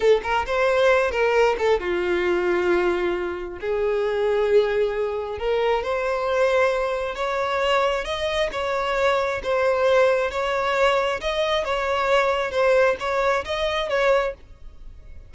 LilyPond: \new Staff \with { instrumentName = "violin" } { \time 4/4 \tempo 4 = 134 a'8 ais'8 c''4. ais'4 a'8 | f'1 | gis'1 | ais'4 c''2. |
cis''2 dis''4 cis''4~ | cis''4 c''2 cis''4~ | cis''4 dis''4 cis''2 | c''4 cis''4 dis''4 cis''4 | }